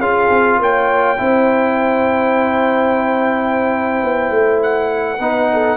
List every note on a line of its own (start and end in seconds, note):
0.00 0.30 C#4
0.00 1.18 F4
0.00 0.60 G#4
0.00 0.60 F5
0.30 0.60 C4
0.60 1.19 A#3
0.60 1.21 C#5
0.60 4.63 G5
1.18 4.03 C4
1.18 5.19 E4
1.18 5.20 C5
4.04 4.31 B3
4.31 5.20 A3
4.63 5.78 F#5
5.20 5.78 B3
5.20 5.78 D#4
5.20 5.50 B4
5.53 5.78 A4